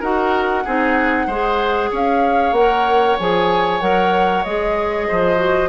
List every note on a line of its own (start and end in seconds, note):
0.00 0.65 D#4
0.00 0.65 F#4
0.00 0.63 A#4
0.00 1.92 F#5
0.64 1.27 C4
0.64 1.29 D#4
0.64 1.26 G#4
1.26 1.90 G#3
1.26 2.56 G#4
1.26 1.90 C5
1.91 2.52 C#4
1.91 5.07 C#5
1.91 2.53 F5
2.52 3.15 A#3
2.52 3.19 A#4
2.52 3.17 F#5
3.18 3.81 F3
3.18 3.81 G#4
3.18 3.81 G#5
3.81 4.44 F#3
3.81 4.44 A#4
3.81 4.44 F#5
4.44 5.08 G#3
4.44 5.36 G#4
4.44 5.68 D#5
5.07 5.68 F3
5.07 5.68 C5
5.36 5.68 F#4